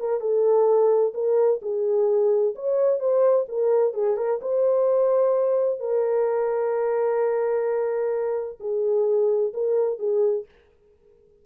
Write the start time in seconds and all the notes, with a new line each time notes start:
0.00 A#4
0.21 A4
1.14 A#4
1.62 G#4
2.55 C#5
3.00 C5
3.49 A#4
3.94 G#4
4.17 A#4
4.42 C5
5.80 A#4
8.60 G#4
9.54 A#4
9.99 G#4